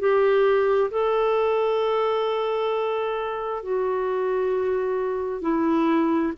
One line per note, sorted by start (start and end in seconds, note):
0.00 0.91 G4
0.91 3.63 A4
3.63 5.42 F#4
5.42 6.33 E4